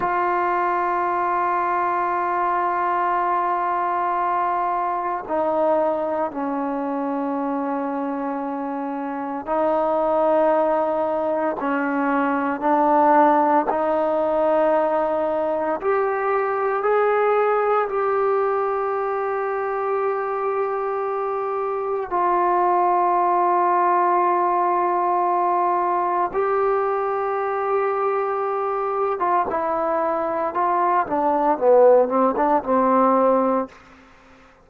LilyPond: \new Staff \with { instrumentName = "trombone" } { \time 4/4 \tempo 4 = 57 f'1~ | f'4 dis'4 cis'2~ | cis'4 dis'2 cis'4 | d'4 dis'2 g'4 |
gis'4 g'2.~ | g'4 f'2.~ | f'4 g'2~ g'8. f'16 | e'4 f'8 d'8 b8 c'16 d'16 c'4 | }